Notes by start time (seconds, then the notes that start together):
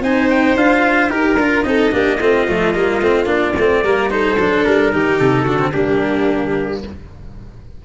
0.00 C4 D#4 C5 G#5
0.30 G5
0.56 D4 F4 F5
1.09 D#4 G4 A#4
1.36 D4 F4
1.62 C4 D#4 A4 D#5
1.91 A#3 D4 G4
2.20 A3 C4 F4
2.47 F3 A3
2.74 G3 A#3
3.00 A3 C4
3.25 A#3 D4 D5
3.57 A3 C4
3.82 G3 A#3 A#4
4.10 D#4 A4 C5
4.37 F#3 D4
4.64 G3 A#4
4.92 D#3 D#4 G4
5.19 C3 A4
5.43 D3 D4 F#4
5.59 C4
5.72 G3 A#3 D4 G4